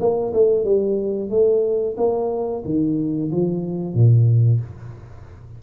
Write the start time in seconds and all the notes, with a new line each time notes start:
0.00 A#3
0.34 A3
0.64 G3
1.30 A3
1.97 A#3
2.65 D#3
3.32 F3
3.95 A#2